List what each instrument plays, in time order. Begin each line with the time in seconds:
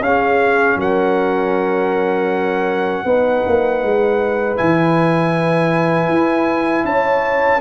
0.00 tuba C#4, trombone C#4, horn G#4, trumpet F5
0.76 tuba F#3, horn A#4, trumpet F#5
3.05 tuba B3, trombone D#4, horn B4
3.47 tuba A#3
3.83 tuba G#3
4.57 tuba E3, trombone E4, trumpet G#5
6.09 tuba E4
6.84 tuba C#4, horn C#5, trumpet A5